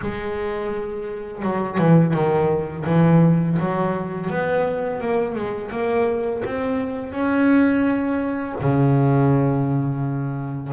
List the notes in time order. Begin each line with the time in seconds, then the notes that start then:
0.01 G#3
1.42 F#3
1.78 E3
2.13 D#3
2.86 E3
3.59 F#3
4.30 B3
5.00 A#3
5.35 G#3
5.71 A#3
6.45 C4
7.11 C#4
8.60 C#3